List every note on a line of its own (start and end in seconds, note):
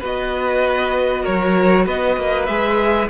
0.00 1.26 B3
0.00 2.48 F#4
0.00 1.23 B4
0.00 1.25 D#5
1.23 1.86 F#3
1.23 1.84 A#4
1.23 1.87 C#5
1.85 2.17 B3
1.85 3.09 B4
1.85 2.46 D#5
2.17 2.48 A#3
2.46 3.10 G#3
2.46 3.10 G#4
2.46 3.07 E5